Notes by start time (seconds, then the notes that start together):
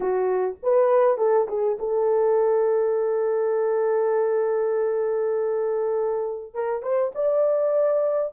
0.00 F#4
0.62 B4
1.17 A4
1.48 G#4
1.79 A4
6.54 A#4
6.82 C5
7.14 D5